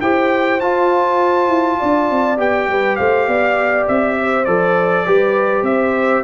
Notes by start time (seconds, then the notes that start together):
0.00 E4 G4 C5 G5
0.60 F4 A5
1.48 E4
1.78 D4 D5
2.10 C4
2.37 B3 G4 G5
2.67 G3 B4
2.95 A3 C5 F5
3.27 B3 D5
3.88 C4 E5
4.19 C5
4.44 F3 A4 D5
5.05 G3 G4 B4
5.62 C4 C5 E5